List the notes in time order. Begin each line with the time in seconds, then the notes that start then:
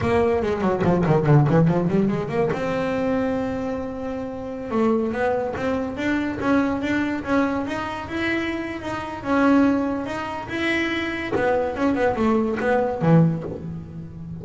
0.00 A#3
0.42 G#3
0.61 F#3
0.84 F3
1.06 D#3
1.26 D3
1.49 E3
1.67 F3
1.88 G3
2.08 G#3
2.28 A#3
2.53 C4
4.71 A3
5.12 B3
5.56 C4
5.97 D4
6.40 C#4
6.81 D4
7.24 C#4
7.66 D#4
8.08 E4
8.81 D#4
9.23 C#4
10.06 D#4
10.48 E4
11.35 B3
11.75 C#4
11.94 B3
12.15 A3
12.60 B3
13.01 E3